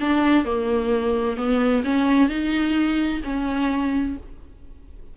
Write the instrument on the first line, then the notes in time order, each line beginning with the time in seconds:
viola
0.00 D4
0.45 A#3
1.37 B3
1.84 C#4
2.29 D#4
3.24 C#4